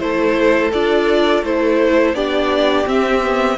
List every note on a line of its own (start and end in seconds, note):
0.00 0.72 A3
0.00 0.71 E4
0.00 2.16 A4
0.00 0.71 C5
0.73 1.43 D4
0.73 1.45 F4
0.73 1.44 D5
1.43 2.14 A3
1.43 2.15 E4
1.43 2.15 C5
2.14 2.85 B3
2.14 2.85 D4
2.14 3.58 G4
2.14 2.87 D5
2.85 3.21 C4
2.85 3.58 C4
2.85 3.58 E5
3.22 3.58 B3